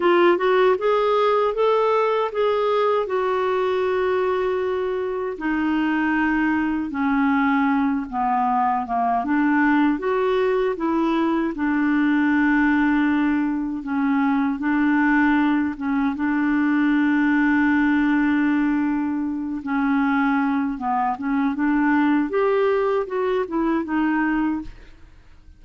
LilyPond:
\new Staff \with { instrumentName = "clarinet" } { \time 4/4 \tempo 4 = 78 f'8 fis'8 gis'4 a'4 gis'4 | fis'2. dis'4~ | dis'4 cis'4. b4 ais8 | d'4 fis'4 e'4 d'4~ |
d'2 cis'4 d'4~ | d'8 cis'8 d'2.~ | d'4. cis'4. b8 cis'8 | d'4 g'4 fis'8 e'8 dis'4 | }